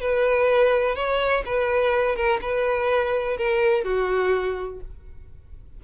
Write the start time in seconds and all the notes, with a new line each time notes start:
0.00 B4
0.95 C#5
1.45 B4
2.15 A#4
2.41 B4
3.37 A#4
3.84 F#4